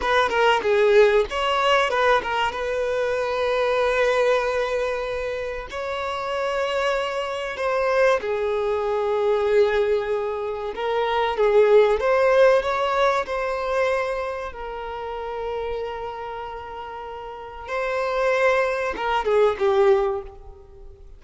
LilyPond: \new Staff \with { instrumentName = "violin" } { \time 4/4 \tempo 4 = 95 b'8 ais'8 gis'4 cis''4 b'8 ais'8 | b'1~ | b'4 cis''2. | c''4 gis'2.~ |
gis'4 ais'4 gis'4 c''4 | cis''4 c''2 ais'4~ | ais'1 | c''2 ais'8 gis'8 g'4 | }